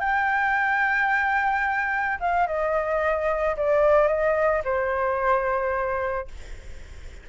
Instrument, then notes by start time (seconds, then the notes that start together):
flute
0.00 G5
2.20 F5
2.47 D#5
3.57 D5
4.08 D#5
4.64 C5